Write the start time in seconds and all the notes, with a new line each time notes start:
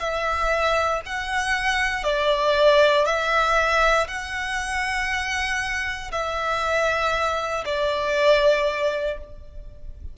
0.00 E5
1.06 F#5
2.04 D5
3.06 E5
4.08 F#5
6.12 E5
7.65 D5